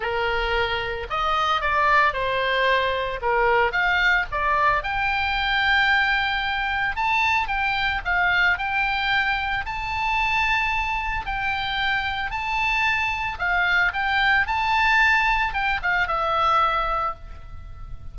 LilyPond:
\new Staff \with { instrumentName = "oboe" } { \time 4/4 \tempo 4 = 112 ais'2 dis''4 d''4 | c''2 ais'4 f''4 | d''4 g''2.~ | g''4 a''4 g''4 f''4 |
g''2 a''2~ | a''4 g''2 a''4~ | a''4 f''4 g''4 a''4~ | a''4 g''8 f''8 e''2 | }